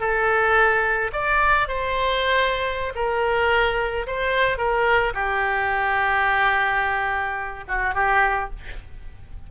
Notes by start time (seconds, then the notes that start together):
0.00 A4
1.13 D5
1.68 C5
2.95 A#4
4.07 C5
4.58 A#4
5.14 G4
7.68 F#4
7.94 G4